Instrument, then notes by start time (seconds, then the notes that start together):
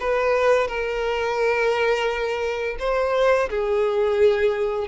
violin
0.00 B4
0.68 A#4
2.79 C5
3.50 G#4